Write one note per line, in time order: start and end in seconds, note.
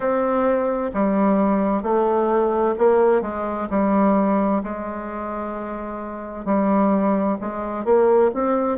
0.00 0.91 C4
0.93 1.83 G3
1.83 2.75 A3
2.78 3.21 A#3
3.21 3.68 G#3
3.70 4.62 G3
4.63 6.45 G#3
6.45 7.37 G3
7.41 7.85 G#3
7.85 8.31 A#3
8.33 8.78 C4